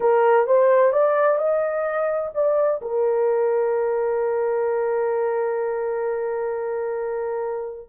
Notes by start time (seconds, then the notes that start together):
0.00 A#4
0.47 C5
0.92 D5
1.37 D#5
2.34 D5
2.81 A#4